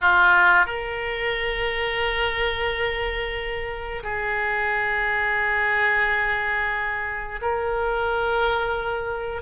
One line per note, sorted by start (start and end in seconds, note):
0.01 0.66 F4
0.66 4.03 A#4
4.03 7.40 G#4
7.41 9.42 A#4